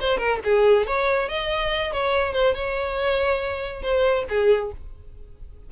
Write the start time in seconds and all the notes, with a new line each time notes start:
0.00 C5
0.18 A#4
0.44 G#4
0.86 C#5
1.28 D#5
1.92 C#5
2.33 C5
2.54 C#5
3.82 C5
4.29 G#4